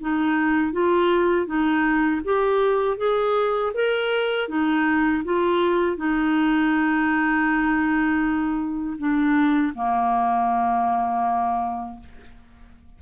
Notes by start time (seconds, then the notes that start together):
0.00 D#4
0.72 F4
1.46 D#4
2.24 G4
2.97 G#4
3.74 A#4
4.48 D#4
5.24 F4
5.97 D#4
8.98 D4
9.74 A#3